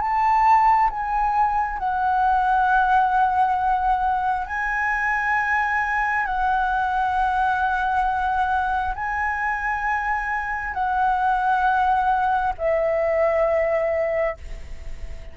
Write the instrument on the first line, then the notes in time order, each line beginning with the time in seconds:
flute
0.00 A5
0.90 G#5
1.79 F#5
4.47 G#5
6.26 F#5
8.95 G#5
10.74 F#5
12.58 E5